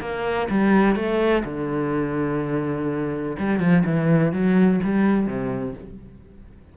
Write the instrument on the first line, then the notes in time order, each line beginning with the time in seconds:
cello
0.00 A#3
0.50 G3
0.95 A3
1.44 D3
3.38 G3
3.59 F3
3.85 E3
4.32 F#3
4.83 G3
5.26 C3